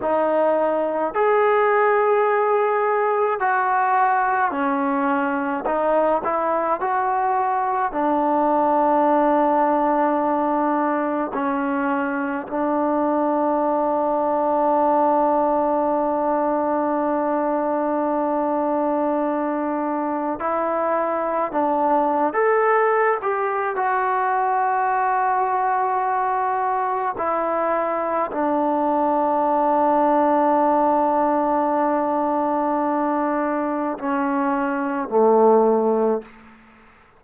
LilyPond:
\new Staff \with { instrumentName = "trombone" } { \time 4/4 \tempo 4 = 53 dis'4 gis'2 fis'4 | cis'4 dis'8 e'8 fis'4 d'4~ | d'2 cis'4 d'4~ | d'1~ |
d'2 e'4 d'8. a'16~ | a'8 g'8 fis'2. | e'4 d'2.~ | d'2 cis'4 a4 | }